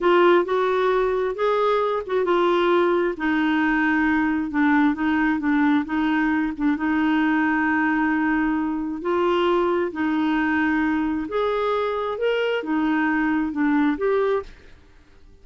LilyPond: \new Staff \with { instrumentName = "clarinet" } { \time 4/4 \tempo 4 = 133 f'4 fis'2 gis'4~ | gis'8 fis'8 f'2 dis'4~ | dis'2 d'4 dis'4 | d'4 dis'4. d'8 dis'4~ |
dis'1 | f'2 dis'2~ | dis'4 gis'2 ais'4 | dis'2 d'4 g'4 | }